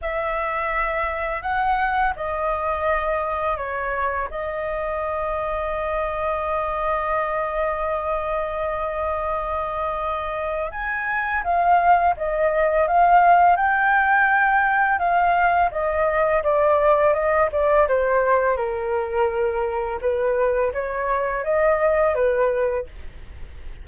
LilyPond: \new Staff \with { instrumentName = "flute" } { \time 4/4 \tempo 4 = 84 e''2 fis''4 dis''4~ | dis''4 cis''4 dis''2~ | dis''1~ | dis''2. gis''4 |
f''4 dis''4 f''4 g''4~ | g''4 f''4 dis''4 d''4 | dis''8 d''8 c''4 ais'2 | b'4 cis''4 dis''4 b'4 | }